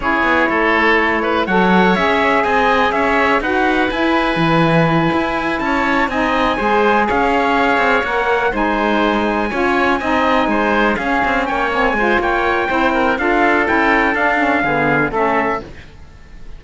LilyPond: <<
  \new Staff \with { instrumentName = "trumpet" } { \time 4/4 \tempo 4 = 123 cis''2. fis''4 | e''4 gis''4 e''4 fis''4 | gis''2.~ gis''8 a''8~ | a''8 gis''2 f''4.~ |
f''8 fis''4 gis''2~ gis''8~ | gis''2~ gis''8 f''4 g''8 | gis''4 g''2 f''4 | g''4 f''2 e''4 | }
  \new Staff \with { instrumentName = "oboe" } { \time 4/4 gis'4 a'4. b'8 cis''4~ | cis''4 dis''4 cis''4 b'4~ | b'2.~ b'8 cis''8~ | cis''8 dis''4 c''4 cis''4.~ |
cis''4. c''2 cis''8~ | cis''8 dis''4 c''4 gis'4 cis''8~ | cis''8 c''8 cis''4 c''8 ais'8 a'4~ | a'2 gis'4 a'4 | }
  \new Staff \with { instrumentName = "saxophone" } { \time 4/4 e'2. a'4 | gis'2. fis'4 | e'1~ | e'8 dis'4 gis'2~ gis'8~ |
gis'8 ais'4 dis'2 f'8~ | f'8 dis'2 cis'4. | c'8 f'4. e'4 f'4 | e'4 d'8 cis'8 b4 cis'4 | }
  \new Staff \with { instrumentName = "cello" } { \time 4/4 cis'8 b8 a2 fis4 | cis'4 c'4 cis'4 dis'4 | e'4 e4. e'4 cis'8~ | cis'8 c'4 gis4 cis'4. |
c'8 ais4 gis2 cis'8~ | cis'8 c'4 gis4 cis'8 c'8 ais8~ | ais8 gis8 ais4 c'4 d'4 | cis'4 d'4 d4 a4 | }
>>